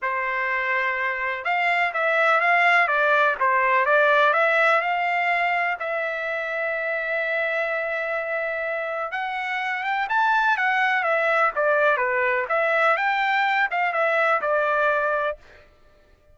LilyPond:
\new Staff \with { instrumentName = "trumpet" } { \time 4/4 \tempo 4 = 125 c''2. f''4 | e''4 f''4 d''4 c''4 | d''4 e''4 f''2 | e''1~ |
e''2. fis''4~ | fis''8 g''8 a''4 fis''4 e''4 | d''4 b'4 e''4 g''4~ | g''8 f''8 e''4 d''2 | }